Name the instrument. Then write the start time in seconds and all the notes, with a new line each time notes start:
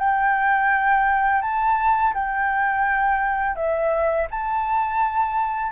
flute
0.00 G5
1.43 A5
2.14 G5
3.56 E5
4.31 A5